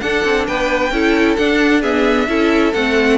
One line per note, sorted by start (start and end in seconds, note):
0.00 0.91 D4
0.00 0.25 D4
0.00 0.47 A4
0.00 0.45 F#5
0.25 0.47 C4
0.47 0.91 B3
0.47 0.93 B4
0.47 1.36 G5
0.91 1.36 C#4
0.91 1.37 E4
0.91 1.81 A4
1.36 1.81 D4
1.36 2.28 D4
1.36 1.81 F#5
1.81 2.27 B3
1.81 2.26 G#4
1.81 2.73 E5
2.28 2.73 C#4
2.28 2.73 E4
2.28 3.17 A4
2.73 3.17 A3
2.73 3.17 C4
2.73 3.17 F#5